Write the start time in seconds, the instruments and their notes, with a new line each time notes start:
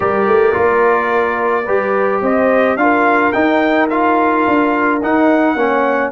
0.00 tuba G3, trombone G4, horn A#4, trumpet D5
0.27 tuba A3
0.53 tuba A#3, trombone F4
1.64 tuba G3, trombone G4, horn B4
2.21 tuba C4, horn C5, trumpet D#5
2.76 tuba D4, trombone F4, trumpet F5
2.82 horn A#4
3.32 trombone D#4, tuba D#4, trumpet G5
3.89 trombone F4, trumpet F5
4.47 tuba D4
5.02 tuba D#4, trombone D#4, trumpet F#5
5.55 tuba A#3, trombone C#4, horn C#5